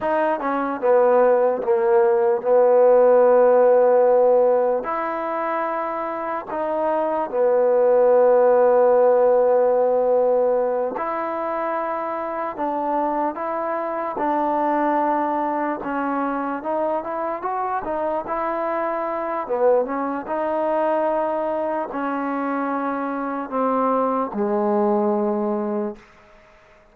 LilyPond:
\new Staff \with { instrumentName = "trombone" } { \time 4/4 \tempo 4 = 74 dis'8 cis'8 b4 ais4 b4~ | b2 e'2 | dis'4 b2.~ | b4. e'2 d'8~ |
d'8 e'4 d'2 cis'8~ | cis'8 dis'8 e'8 fis'8 dis'8 e'4. | b8 cis'8 dis'2 cis'4~ | cis'4 c'4 gis2 | }